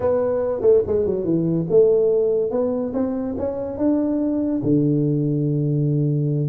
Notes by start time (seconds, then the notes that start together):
0.00 B3
0.61 A3
0.86 G#3
1.05 F#3
1.24 E3
1.70 A3
2.50 B3
2.93 C4
3.38 C#4
3.77 D4
4.63 D3